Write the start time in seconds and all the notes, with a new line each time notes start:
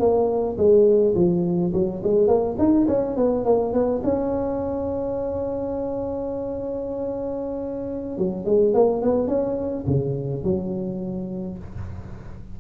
0.00 A#3
0.58 G#3
1.16 F3
1.74 F#3
2.04 G#3
2.28 A#3
2.59 D#4
2.88 C#4
3.17 B3
3.45 A#3
3.74 B3
4.04 C#4
8.18 F#3
8.46 G#3
8.75 A#3
9.03 B3
9.28 C#4
9.88 C#3
10.44 F#3